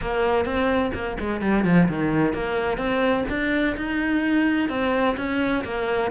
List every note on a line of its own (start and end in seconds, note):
0.01 0.45 A#3
0.45 0.91 C4
0.94 1.17 A#3
1.20 1.41 G#3
1.41 1.64 G3
1.64 1.87 F3
1.88 2.33 D#3
2.33 2.77 A#3
2.77 3.24 C4
3.29 3.75 D4
3.76 4.69 D#4
4.69 5.16 C4
5.17 5.64 C#4
5.64 6.10 A#3